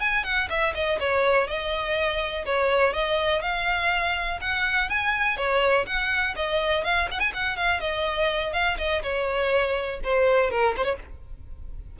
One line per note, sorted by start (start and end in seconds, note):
0.00 0.24 G#5
0.24 0.48 F#5
0.49 0.73 E5
0.74 0.99 D#5
0.99 1.47 C#5
1.47 2.44 D#5
2.45 2.93 C#5
2.93 3.41 D#5
3.41 4.39 F5
4.41 4.89 F#5
4.89 5.37 G#5
5.37 5.85 C#5
5.86 6.35 F#5
6.36 6.84 D#5
6.84 7.08 F5
7.10 7.20 F#5
7.20 7.32 G#5
7.33 7.56 F#5
7.56 7.80 F5
7.80 8.53 D#5
8.53 8.77 F5
8.77 9.02 D#5
9.02 10.00 C#5
10.03 10.50 C5
10.50 10.75 A#4
10.77 10.84 C5
10.84 10.96 C#5